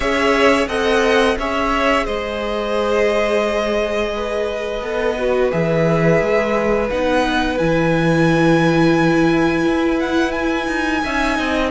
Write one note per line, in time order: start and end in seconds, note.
0.00 0.67 C#4
0.00 0.67 G#4
0.00 0.68 C#5
0.00 0.67 E5
0.67 1.36 C4
0.67 1.37 A4
0.67 1.37 D#5
0.67 1.37 F#5
1.38 2.07 C#4
1.38 4.82 G#4
1.38 2.05 C#5
1.38 2.06 E5
2.05 4.81 G#3
2.05 4.12 C5
2.05 5.51 D#5
4.15 11.03 B4
4.81 5.50 B3
4.81 5.17 A4
5.18 5.51 F#4
5.51 6.21 E3
5.51 6.89 G#4
5.51 6.89 E5
6.21 6.90 G#3
6.89 7.59 B3
6.89 7.58 D#4
6.89 7.58 F#5
7.58 9.66 E3
7.58 11.03 E4
7.58 9.99 G#5
9.66 10.67 E4
9.99 10.31 F#5
10.31 11.69 G#5
10.67 11.01 D#4
11.03 11.39 C#4
11.03 11.71 D#4
11.03 11.37 E5
11.37 11.71 C4
11.37 11.71 D#5